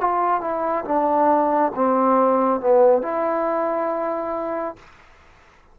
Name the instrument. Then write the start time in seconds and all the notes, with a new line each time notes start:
trombone
0.00 F4
0.41 E4
0.85 D4
1.75 C4
2.60 B3
3.02 E4